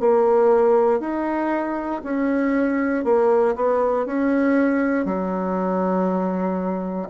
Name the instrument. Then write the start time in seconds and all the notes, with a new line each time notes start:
bassoon
0.00 A#3
1.00 D#4
2.03 C#4
3.05 A#3
3.56 B3
4.06 C#4
5.06 F#3